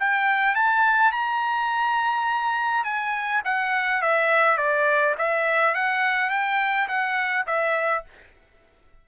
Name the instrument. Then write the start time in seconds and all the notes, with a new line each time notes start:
trumpet
0.00 G5
0.55 A5
1.12 A#5
2.85 G#5
3.45 F#5
4.02 E5
4.58 D5
5.18 E5
5.75 F#5
6.30 G5
6.89 F#5
7.47 E5